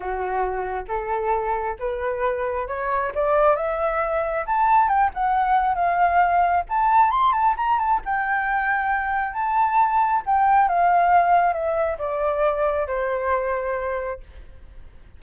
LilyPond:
\new Staff \with { instrumentName = "flute" } { \time 4/4 \tempo 4 = 135 fis'2 a'2 | b'2 cis''4 d''4 | e''2 a''4 g''8 fis''8~ | fis''4 f''2 a''4 |
c'''8 a''8 ais''8 a''8 g''2~ | g''4 a''2 g''4 | f''2 e''4 d''4~ | d''4 c''2. | }